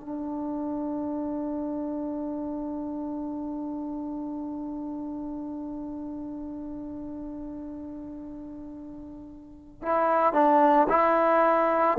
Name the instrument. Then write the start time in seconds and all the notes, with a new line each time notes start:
trombone
0.00 D4
9.82 E4
10.33 D4
10.88 E4